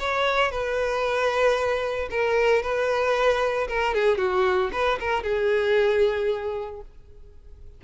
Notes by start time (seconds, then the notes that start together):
0.00 C#5
0.51 B4
2.11 A#4
2.63 B4
3.68 A#4
3.95 G#4
4.18 F#4
4.73 B4
5.00 A#4
5.24 G#4